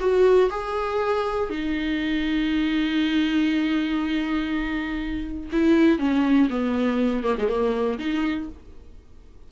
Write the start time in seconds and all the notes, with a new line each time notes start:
0.00 F#4
0.50 G#4
1.50 D#4
5.52 E4
5.99 C#4
6.50 B3
7.24 A#3
7.38 G#3
7.48 A#3
7.99 D#4